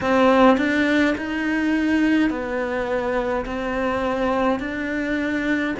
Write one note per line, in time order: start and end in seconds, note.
0.00 0.57 C4
0.57 1.14 D4
1.17 2.30 D#4
2.30 3.45 B3
3.45 4.59 C4
4.59 5.74 D4